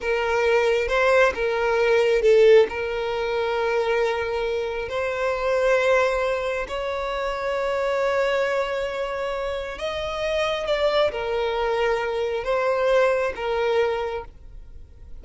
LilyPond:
\new Staff \with { instrumentName = "violin" } { \time 4/4 \tempo 4 = 135 ais'2 c''4 ais'4~ | ais'4 a'4 ais'2~ | ais'2. c''4~ | c''2. cis''4~ |
cis''1~ | cis''2 dis''2 | d''4 ais'2. | c''2 ais'2 | }